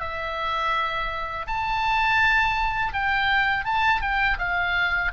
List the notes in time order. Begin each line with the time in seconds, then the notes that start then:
0.00 E5
1.47 A5
2.93 G5
3.65 A5
4.01 G5
4.39 F5